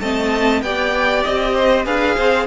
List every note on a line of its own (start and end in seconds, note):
0.00 0.62 A3
0.00 0.64 C4
0.00 0.63 D#5
0.00 0.62 A5
0.62 1.24 B3
0.62 1.86 G4
0.62 1.55 D5
0.62 1.23 G5
1.23 1.86 C4
1.23 1.85 D#5
1.55 1.85 C5
1.85 2.17 D4
1.85 2.47 G#4
1.85 2.16 B4
1.85 2.47 F5
2.16 2.47 C4
2.16 2.47 C5